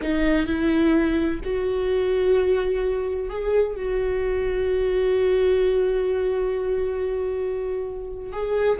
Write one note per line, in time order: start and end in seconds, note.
0.01 0.46 D#4
0.46 1.40 E4
1.44 3.29 F#4
3.29 3.76 G#4
3.76 8.32 F#4
8.32 8.79 G#4